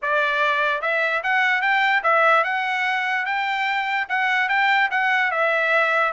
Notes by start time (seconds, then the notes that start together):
0.01 D5
0.81 E5
1.23 F#5
1.61 G5
2.03 E5
2.44 F#5
3.25 G5
4.09 F#5
4.48 G5
4.91 F#5
5.31 E5